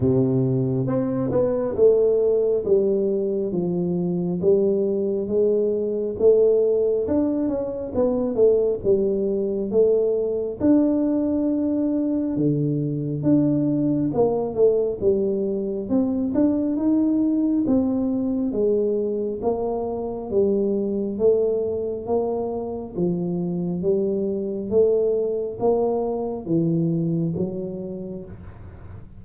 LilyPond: \new Staff \with { instrumentName = "tuba" } { \time 4/4 \tempo 4 = 68 c4 c'8 b8 a4 g4 | f4 g4 gis4 a4 | d'8 cis'8 b8 a8 g4 a4 | d'2 d4 d'4 |
ais8 a8 g4 c'8 d'8 dis'4 | c'4 gis4 ais4 g4 | a4 ais4 f4 g4 | a4 ais4 e4 fis4 | }